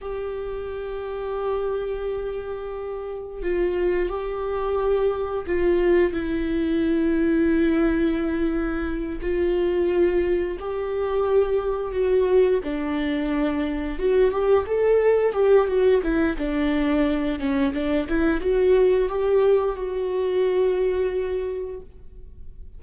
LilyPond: \new Staff \with { instrumentName = "viola" } { \time 4/4 \tempo 4 = 88 g'1~ | g'4 f'4 g'2 | f'4 e'2.~ | e'4. f'2 g'8~ |
g'4. fis'4 d'4.~ | d'8 fis'8 g'8 a'4 g'8 fis'8 e'8 | d'4. cis'8 d'8 e'8 fis'4 | g'4 fis'2. | }